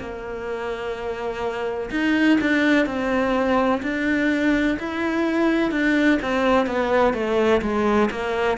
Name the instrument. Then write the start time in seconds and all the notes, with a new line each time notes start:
cello
0.00 A#3
1.91 D#4
2.41 D4
2.87 C4
3.83 D4
4.79 E4
5.71 D4
6.23 C4
6.67 B3
7.14 A3
7.62 G#3
8.11 A#3